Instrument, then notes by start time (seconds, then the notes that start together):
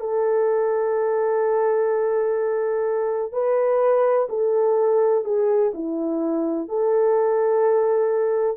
horn
0.00 A4
3.32 B4
4.29 A4
5.24 G#4
5.74 E4
6.68 A4